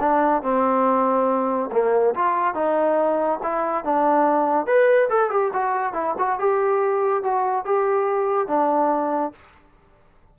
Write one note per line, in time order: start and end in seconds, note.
0.00 0.43 D4
0.43 1.70 C4
1.72 2.15 A#3
2.15 2.54 F4
2.54 3.39 D#4
3.43 3.85 E4
3.85 4.66 D4
4.66 5.09 B4
5.09 5.31 A4
5.31 5.52 G4
5.53 5.93 F#4
5.93 6.15 E4
6.19 6.39 F#4
6.39 7.23 G4
7.23 7.65 F#4
7.65 8.48 G4
8.48 9.33 D4